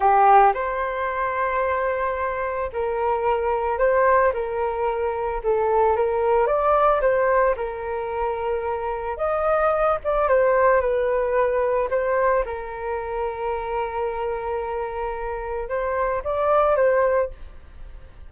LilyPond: \new Staff \with { instrumentName = "flute" } { \time 4/4 \tempo 4 = 111 g'4 c''2.~ | c''4 ais'2 c''4 | ais'2 a'4 ais'4 | d''4 c''4 ais'2~ |
ais'4 dis''4. d''8 c''4 | b'2 c''4 ais'4~ | ais'1~ | ais'4 c''4 d''4 c''4 | }